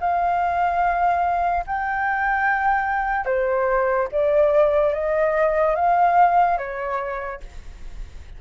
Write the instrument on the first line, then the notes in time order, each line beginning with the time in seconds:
flute
0.00 F5
1.66 G5
3.25 C5
4.12 D5
4.94 D#5
5.75 F5
6.58 C#5